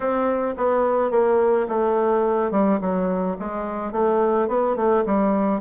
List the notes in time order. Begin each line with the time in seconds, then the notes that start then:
0.00 C4
0.57 B3
1.10 A#3
1.68 A3
2.51 G3
2.80 F#3
3.39 G#3
3.92 A3
4.48 B3
4.76 A3
5.05 G3